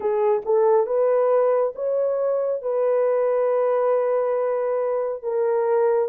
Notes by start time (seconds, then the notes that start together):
0.00 G#4
0.45 A4
0.86 B4
1.75 C#5
2.61 B4
5.23 A#4